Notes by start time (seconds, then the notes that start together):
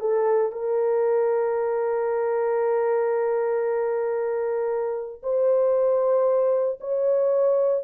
0.00 A4
0.52 A#4
5.23 C5
6.80 C#5